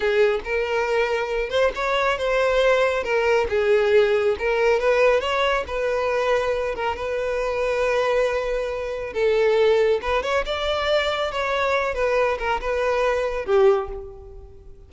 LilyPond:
\new Staff \with { instrumentName = "violin" } { \time 4/4 \tempo 4 = 138 gis'4 ais'2~ ais'8 c''8 | cis''4 c''2 ais'4 | gis'2 ais'4 b'4 | cis''4 b'2~ b'8 ais'8 |
b'1~ | b'4 a'2 b'8 cis''8 | d''2 cis''4. b'8~ | b'8 ais'8 b'2 g'4 | }